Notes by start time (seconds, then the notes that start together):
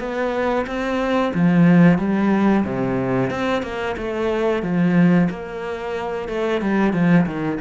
0.00 B3
0.67 C4
1.35 F3
1.99 G3
2.65 C3
3.31 C4
3.63 A#3
3.98 A3
4.63 F3
5.30 A#3
6.29 A3
6.62 G3
6.94 F3
7.26 D#3